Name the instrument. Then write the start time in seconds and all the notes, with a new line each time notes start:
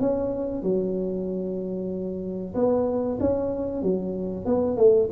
tuba
0.00 C#4
0.62 F#3
2.55 B3
3.20 C#4
3.82 F#3
4.45 B3
4.77 A3